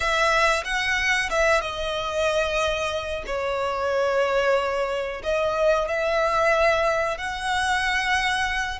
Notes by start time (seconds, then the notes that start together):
0.00 E5
0.64 F#5
1.30 E5
1.61 D#5
3.26 C#5
5.23 D#5
5.88 E5
7.17 F#5